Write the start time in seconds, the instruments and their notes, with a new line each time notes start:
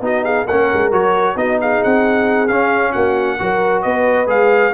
0.00 tuba B3, trombone D#4, horn F#4, trumpet D#5
0.24 horn G#4, trumpet F5
0.45 tuba A#3, trombone C#4, horn A#4, trumpet F#5
0.73 tuba G#3
0.91 tuba F#3, trombone F#4, trumpet C#5
1.35 tuba B3, trombone D#4, horn F#4, trumpet D#5
1.61 horn G#4, trumpet F5
1.83 tuba C4, trumpet F#5
2.47 tuba C#4, trombone C#4, trumpet F5
2.92 tuba A#3, horn F#4, trumpet F#5
3.39 tuba F#3, trombone F#4, horn A#4
3.82 tuba B3, horn B4, trumpet D#5
4.27 tuba G#3, trombone G#4, trumpet F5